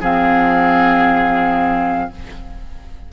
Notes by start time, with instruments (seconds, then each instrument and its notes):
0.00 bassoon F3, clarinet C4, oboe G#4, flute F5